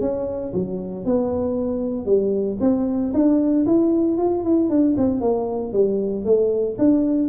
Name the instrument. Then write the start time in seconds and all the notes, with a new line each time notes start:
tuba
0.00 C#4
0.53 F#3
1.05 B3
2.05 G3
2.60 C4
3.13 D4
3.65 E4
4.17 F4
4.43 E4
4.69 D4
4.97 C4
5.20 A#3
5.72 G3
6.24 A3
6.78 D4